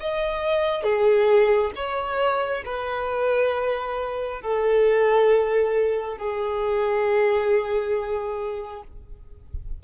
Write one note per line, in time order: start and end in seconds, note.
0.00 0.83 D#5
0.83 1.71 G#4
1.76 2.64 C#5
2.65 4.42 B4
4.42 6.18 A4
6.18 8.82 G#4